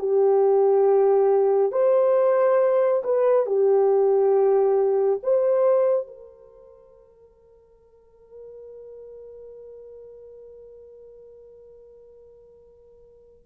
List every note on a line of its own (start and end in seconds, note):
0.00 1.72 G4
1.72 3.02 C5
3.04 3.47 B4
3.47 5.21 G4
5.23 6.08 C5
6.08 13.47 A#4